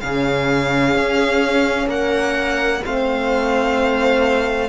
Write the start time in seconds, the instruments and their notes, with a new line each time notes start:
0.00 cello C#3, horn C#4, viola G#4, violin F5
0.95 cello C#4
1.87 cello A#3, viola A#4, violin F#5
2.83 cello A3, horn C4, viola C5, violin F5